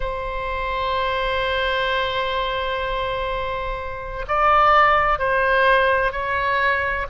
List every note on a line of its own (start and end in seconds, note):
0.00 4.25 C5
4.27 5.18 D5
5.18 6.11 C5
6.11 7.06 C#5